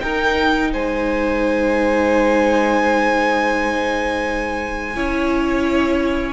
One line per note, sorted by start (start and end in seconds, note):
0.00 4.94 D#4
0.00 0.74 D#4
0.00 0.72 A#4
0.00 0.71 G5
0.72 4.96 G#3
0.72 4.96 C5
0.72 6.33 G#5
4.95 6.33 C#4
4.95 6.33 E4
4.95 6.33 C#5